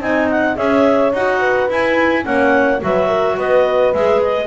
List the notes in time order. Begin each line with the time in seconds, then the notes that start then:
0.00 C4 D#4 D#5 G#5
0.30 F#5
0.56 C#4 G#4 C#5 E5
1.13 D#4 F#4 F#5
1.40 B4
1.69 E4 G#5
2.23 A#3 C#4 C#5 F#5
2.81 F#3 F#4 B4 E5
3.08 A#4
3.36 B3 B4 D#5
3.94 G#3 G#4 E5
4.22 D#5